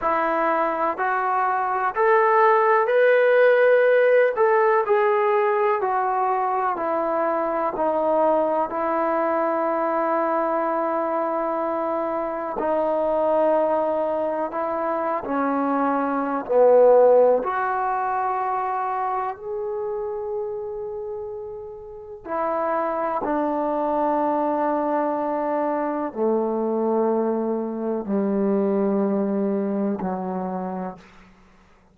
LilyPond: \new Staff \with { instrumentName = "trombone" } { \time 4/4 \tempo 4 = 62 e'4 fis'4 a'4 b'4~ | b'8 a'8 gis'4 fis'4 e'4 | dis'4 e'2.~ | e'4 dis'2 e'8. cis'16~ |
cis'4 b4 fis'2 | gis'2. e'4 | d'2. a4~ | a4 g2 fis4 | }